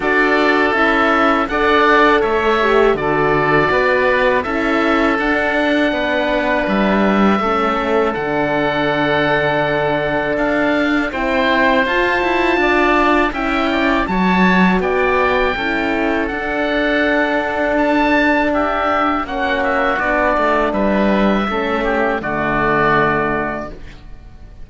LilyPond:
<<
  \new Staff \with { instrumentName = "oboe" } { \time 4/4 \tempo 4 = 81 d''4 e''4 fis''4 e''4 | d''2 e''4 fis''4~ | fis''4 e''2 fis''4~ | fis''2 f''4 g''4 |
a''2 g''4 a''4 | g''2 fis''2 | a''4 e''4 fis''8 e''8 d''4 | e''2 d''2 | }
  \new Staff \with { instrumentName = "oboe" } { \time 4/4 a'2 d''4 cis''4 | a'4 b'4 a'2 | b'2 a'2~ | a'2. c''4~ |
c''4 d''4 e''8 d''8 cis''4 | d''4 a'2.~ | a'4 g'4 fis'2 | b'4 a'8 g'8 fis'2 | }
  \new Staff \with { instrumentName = "horn" } { \time 4/4 fis'4 e'4 a'4. g'8 | fis'2 e'4 d'4~ | d'2 cis'4 d'4~ | d'2. e'4 |
f'2 e'4 fis'4~ | fis'4 e'4 d'2~ | d'2 cis'4 d'4~ | d'4 cis'4 a2 | }
  \new Staff \with { instrumentName = "cello" } { \time 4/4 d'4 cis'4 d'4 a4 | d4 b4 cis'4 d'4 | b4 g4 a4 d4~ | d2 d'4 c'4 |
f'8 e'8 d'4 cis'4 fis4 | b4 cis'4 d'2~ | d'2 ais4 b8 a8 | g4 a4 d2 | }
>>